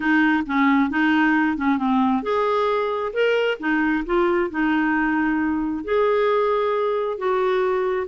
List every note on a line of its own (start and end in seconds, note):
0.00 0.43 D#4
0.46 0.90 C#4
0.90 1.57 D#4
1.57 1.78 C#4
1.78 2.22 C4
2.22 3.12 G#4
3.13 3.58 A#4
3.59 4.04 D#4
4.05 4.50 F4
4.50 5.84 D#4
5.84 7.17 G#4
7.17 8.07 F#4